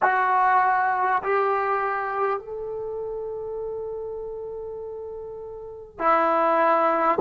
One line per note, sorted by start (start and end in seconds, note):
0.02 1.22 F#4
1.23 2.39 G4
2.39 5.98 A4
5.98 7.18 E4